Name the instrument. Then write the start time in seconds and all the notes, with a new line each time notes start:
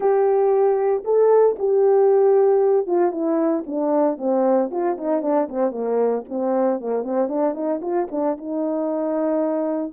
horn
0.00 G4
1.04 A4
1.59 G4
2.86 F4
3.11 E4
3.66 D4
4.17 C4
4.71 F4
4.97 D#4
5.22 D4
5.49 C4
5.71 A#3
6.28 C4
6.80 A#3
7.03 C4
7.28 D4
7.54 D#4
7.81 F4
8.11 D4
8.37 D#4